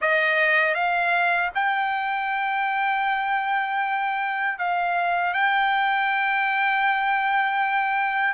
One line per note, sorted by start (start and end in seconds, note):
0.01 0.74 D#5
0.74 1.50 F5
1.54 4.58 G5
4.58 5.33 F5
5.33 8.33 G5